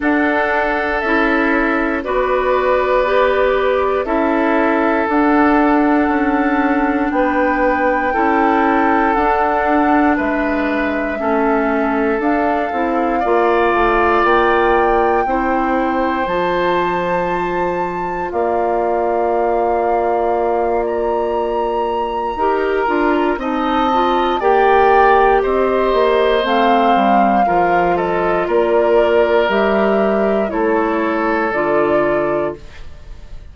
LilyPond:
<<
  \new Staff \with { instrumentName = "flute" } { \time 4/4 \tempo 4 = 59 fis''4 e''4 d''2 | e''4 fis''2 g''4~ | g''4 fis''4 e''2 | f''2 g''2 |
a''2 f''2~ | f''8 ais''2~ ais''8 a''4 | g''4 dis''4 f''4. dis''8 | d''4 e''4 cis''4 d''4 | }
  \new Staff \with { instrumentName = "oboe" } { \time 4/4 a'2 b'2 | a'2. b'4 | a'2 b'4 a'4~ | a'4 d''2 c''4~ |
c''2 d''2~ | d''2 ais'4 dis''4 | d''4 c''2 ais'8 a'8 | ais'2 a'2 | }
  \new Staff \with { instrumentName = "clarinet" } { \time 4/4 d'4 e'4 fis'4 g'4 | e'4 d'2. | e'4 d'2 cis'4 | d'8 e'8 f'2 e'4 |
f'1~ | f'2 g'8 f'8 dis'8 f'8 | g'2 c'4 f'4~ | f'4 g'4 e'4 f'4 | }
  \new Staff \with { instrumentName = "bassoon" } { \time 4/4 d'4 cis'4 b2 | cis'4 d'4 cis'4 b4 | cis'4 d'4 gis4 a4 | d'8 c'8 ais8 a8 ais4 c'4 |
f2 ais2~ | ais2 dis'8 d'8 c'4 | ais4 c'8 ais8 a8 g8 f4 | ais4 g4 a4 d4 | }
>>